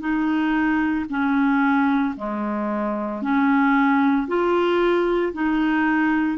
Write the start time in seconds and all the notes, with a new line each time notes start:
0.00 D#4
1.10 C#4
2.17 G#3
3.22 C#4
4.28 F4
5.33 D#4